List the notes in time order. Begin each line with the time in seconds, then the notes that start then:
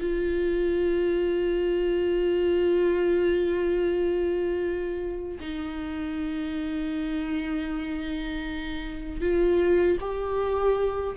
0.00 F4
5.40 D#4
9.21 F4
10.00 G4